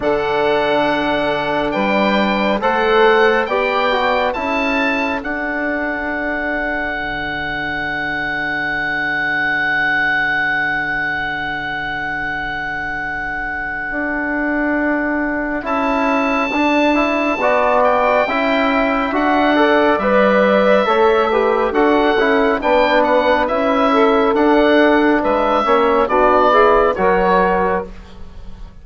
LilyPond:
<<
  \new Staff \with { instrumentName = "oboe" } { \time 4/4 \tempo 4 = 69 fis''2 g''4 fis''4 | g''4 a''4 fis''2~ | fis''1~ | fis''1~ |
fis''2 a''2~ | a''8 g''4. fis''4 e''4~ | e''4 fis''4 g''8 fis''8 e''4 | fis''4 e''4 d''4 cis''4 | }
  \new Staff \with { instrumentName = "saxophone" } { \time 4/4 a'2 b'4 c''4 | d''4 a'2.~ | a'1~ | a'1~ |
a'1 | d''4 e''4. d''4. | cis''8 b'8 a'4 b'4. a'8~ | a'4 b'8 cis''8 fis'8 gis'8 ais'4 | }
  \new Staff \with { instrumentName = "trombone" } { \time 4/4 d'2. a'4 | g'8 fis'8 e'4 d'2~ | d'1~ | d'1~ |
d'2 e'4 d'8 e'8 | fis'4 e'4 fis'8 a'8 b'4 | a'8 g'8 fis'8 e'8 d'4 e'4 | d'4. cis'8 d'8 e'8 fis'4 | }
  \new Staff \with { instrumentName = "bassoon" } { \time 4/4 d2 g4 a4 | b4 cis'4 d'2 | d1~ | d1 |
d'2 cis'4 d'4 | b4 cis'4 d'4 g4 | a4 d'8 cis'8 b4 cis'4 | d'4 gis8 ais8 b4 fis4 | }
>>